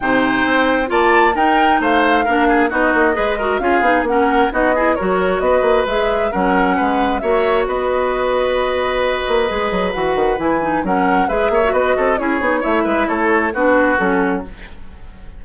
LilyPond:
<<
  \new Staff \with { instrumentName = "flute" } { \time 4/4 \tempo 4 = 133 g''2 a''4 g''4 | f''2 dis''2 | f''4 fis''4 dis''4 cis''4 | dis''4 e''4 fis''2 |
e''4 dis''2.~ | dis''2 fis''4 gis''4 | fis''4 e''4 dis''4 cis''4 | e''4 cis''4 b'4 a'4 | }
  \new Staff \with { instrumentName = "oboe" } { \time 4/4 c''2 d''4 ais'4 | c''4 ais'8 gis'8 fis'4 b'8 ais'8 | gis'4 ais'4 fis'8 gis'8 ais'4 | b'2 ais'4 b'4 |
cis''4 b'2.~ | b'1 | ais'4 b'8 cis''8 b'8 a'8 gis'4 | cis''8 b'8 a'4 fis'2 | }
  \new Staff \with { instrumentName = "clarinet" } { \time 4/4 dis'2 f'4 dis'4~ | dis'4 d'4 dis'4 gis'8 fis'8 | f'8 dis'8 cis'4 dis'8 e'8 fis'4~ | fis'4 gis'4 cis'2 |
fis'1~ | fis'4 gis'4 fis'4 e'8 dis'8 | cis'4 gis'8. fis'4~ fis'16 e'8 dis'8 | e'2 d'4 cis'4 | }
  \new Staff \with { instrumentName = "bassoon" } { \time 4/4 c4 c'4 ais4 dis'4 | a4 ais4 b8 ais8 gis4 | cis'8 b8 ais4 b4 fis4 | b8 ais8 gis4 fis4 gis4 |
ais4 b2.~ | b8 ais8 gis8 fis8 e8 dis8 e4 | fis4 gis8 ais8 b8 c'8 cis'8 b8 | a8 gis8 a4 b4 fis4 | }
>>